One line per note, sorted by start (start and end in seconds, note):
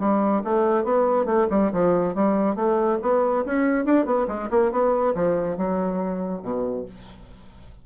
0.00 0.43 G3
0.45 0.84 A3
0.84 1.26 B3
1.26 1.48 A3
1.51 1.72 G3
1.73 2.15 F3
2.15 2.56 G3
2.56 2.99 A3
3.03 3.45 B3
3.46 3.86 C#4
3.86 4.06 D4
4.06 4.27 B3
4.28 4.50 G#3
4.51 4.72 A#3
4.72 5.15 B3
5.15 5.58 F3
5.58 6.43 F#3
6.43 6.86 B2